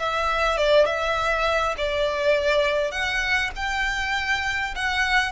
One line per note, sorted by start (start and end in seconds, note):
0.00 0.58 E5
0.58 0.86 D5
0.86 1.76 E5
1.78 2.92 D5
2.92 3.51 F#5
3.56 4.75 G5
4.76 5.32 F#5